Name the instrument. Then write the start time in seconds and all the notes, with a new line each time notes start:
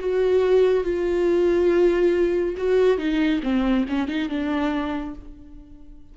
viola
0.00 F#4
0.84 F4
2.58 F#4
2.98 D#4
3.43 C4
3.89 C#4
4.08 D#4
4.29 D4